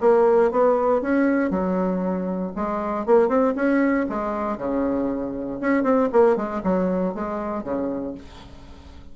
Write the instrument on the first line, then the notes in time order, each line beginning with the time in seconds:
bassoon
0.00 A#3
0.51 B3
1.01 C#4
1.50 F#3
2.55 G#3
3.06 A#3
3.28 C4
3.55 C#4
4.09 G#3
4.57 C#3
5.60 C#4
5.83 C4
6.12 A#3
6.36 G#3
6.63 F#3
7.14 G#3
7.63 C#3